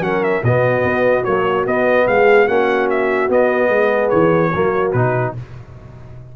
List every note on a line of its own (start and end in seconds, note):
0.00 0.41 F#3
0.00 0.42 C#4
0.00 0.43 A#4
0.00 0.23 F#5
0.23 0.44 E5
0.43 0.84 B2
0.43 1.27 B3
0.43 2.06 F#4
0.43 1.24 D#5
0.84 1.25 B3
1.24 1.67 F#3
1.24 1.66 A#3
1.24 1.65 C#5
1.66 2.07 B3
1.66 2.48 B3
1.66 2.07 D#5
2.07 2.48 G#3
2.07 2.46 G#4
2.07 2.48 F5
2.46 3.29 A#3
2.46 3.29 C#4
2.46 3.69 F#4
2.46 2.89 F#5
2.90 3.30 E5
3.29 3.69 B3
3.29 4.52 B3
3.29 4.09 D#5
3.69 4.10 G#3
3.69 4.51 G#4
4.09 4.54 E3
4.09 4.91 C#5
4.52 4.93 F#3
4.52 4.95 A#3
4.52 5.34 F#4
4.92 5.34 B2
4.92 5.36 D#4
4.92 5.33 B4